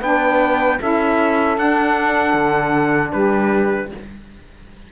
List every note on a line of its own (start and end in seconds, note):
0.00 0.79 B3
0.00 0.79 D4
0.00 0.78 B4
0.00 0.81 G5
0.79 1.57 C#4
0.79 1.56 E4
0.79 3.12 A4
0.79 1.58 E5
1.56 3.90 D4
1.56 2.34 D4
1.56 3.12 F#5
2.34 3.12 D3
3.12 3.92 G3
3.12 3.90 G4
3.12 3.90 B4